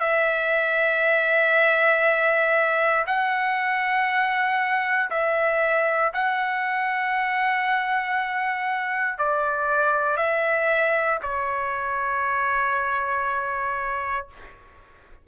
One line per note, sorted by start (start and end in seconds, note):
0.00 3.05 E5
3.07 5.10 F#5
5.11 6.12 E5
6.14 9.18 F#5
9.18 10.17 D5
10.17 11.19 E5
11.23 14.28 C#5